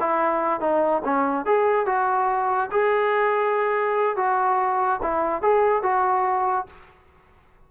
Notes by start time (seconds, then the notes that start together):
0.00 E4
0.60 D#4
1.05 C#4
1.46 G#4
1.86 F#4
2.71 G#4
4.16 F#4
5.02 E4
5.42 G#4
5.83 F#4